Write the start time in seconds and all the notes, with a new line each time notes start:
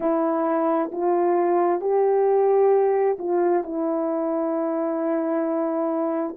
0.00 E4
0.92 F4
1.81 G4
3.19 F4
3.63 E4